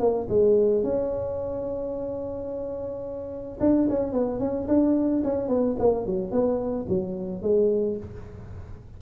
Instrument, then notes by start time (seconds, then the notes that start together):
tuba
0.00 A#3
0.29 G#3
0.84 C#4
3.61 D4
3.90 C#4
4.13 B3
4.40 C#4
4.68 D4
5.24 C#4
5.49 B3
5.79 A#3
6.07 F#3
6.32 B3
6.89 F#3
7.42 G#3